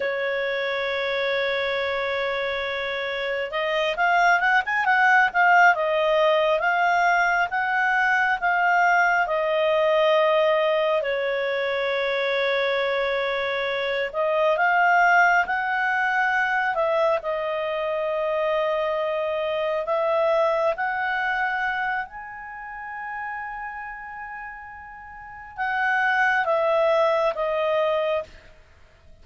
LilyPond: \new Staff \with { instrumentName = "clarinet" } { \time 4/4 \tempo 4 = 68 cis''1 | dis''8 f''8 fis''16 gis''16 fis''8 f''8 dis''4 f''8~ | f''8 fis''4 f''4 dis''4.~ | dis''8 cis''2.~ cis''8 |
dis''8 f''4 fis''4. e''8 dis''8~ | dis''2~ dis''8 e''4 fis''8~ | fis''4 gis''2.~ | gis''4 fis''4 e''4 dis''4 | }